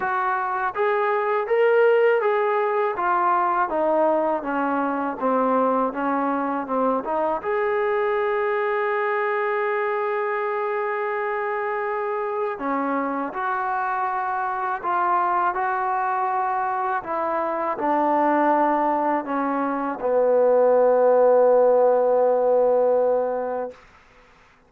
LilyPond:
\new Staff \with { instrumentName = "trombone" } { \time 4/4 \tempo 4 = 81 fis'4 gis'4 ais'4 gis'4 | f'4 dis'4 cis'4 c'4 | cis'4 c'8 dis'8 gis'2~ | gis'1~ |
gis'4 cis'4 fis'2 | f'4 fis'2 e'4 | d'2 cis'4 b4~ | b1 | }